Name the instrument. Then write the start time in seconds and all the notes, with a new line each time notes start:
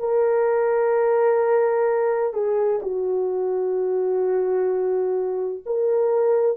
horn
0.00 A#4
2.34 G#4
2.83 F#4
5.66 A#4